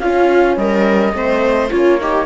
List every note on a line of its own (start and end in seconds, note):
0.00 0.57 C#4
0.00 1.14 C#4
0.00 0.59 F4
0.00 0.57 F5
0.57 1.14 G3
0.57 1.17 A#4
0.57 1.70 D#5
1.14 1.70 A3
1.14 1.70 C4
1.14 1.71 C5
1.71 2.26 A#3
1.71 1.99 C#4
1.71 1.99 F4
1.71 2.26 C#5
1.99 2.26 D#4
1.99 2.26 G4